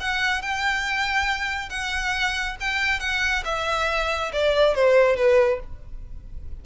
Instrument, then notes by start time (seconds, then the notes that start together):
violin
0.00 F#5
0.42 G5
1.69 F#5
2.60 G5
3.00 F#5
3.45 E5
4.32 D5
4.75 C5
5.16 B4